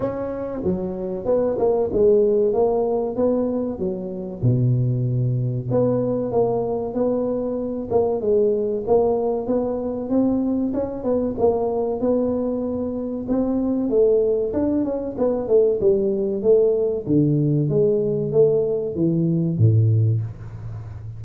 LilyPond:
\new Staff \with { instrumentName = "tuba" } { \time 4/4 \tempo 4 = 95 cis'4 fis4 b8 ais8 gis4 | ais4 b4 fis4 b,4~ | b,4 b4 ais4 b4~ | b8 ais8 gis4 ais4 b4 |
c'4 cis'8 b8 ais4 b4~ | b4 c'4 a4 d'8 cis'8 | b8 a8 g4 a4 d4 | gis4 a4 e4 a,4 | }